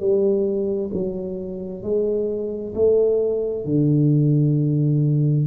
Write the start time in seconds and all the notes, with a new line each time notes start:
0.00 G3
0.94 F#3
1.83 G#3
2.75 A3
3.65 D3